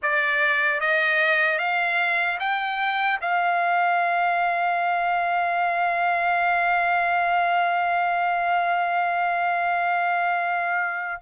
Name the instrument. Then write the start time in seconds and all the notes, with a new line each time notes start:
trumpet
0.02 D5
0.80 D#5
1.58 F5
2.39 G5
3.21 F5